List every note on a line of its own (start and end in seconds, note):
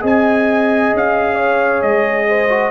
0.00 0.93 C4
0.00 2.46 G#4
0.00 1.35 D#5
0.06 0.96 G#5
0.94 1.82 C#4
0.94 1.82 F5
1.35 2.24 C#5
1.82 2.71 G#3
1.82 2.71 D#5
2.28 2.71 C5
2.49 2.71 F#4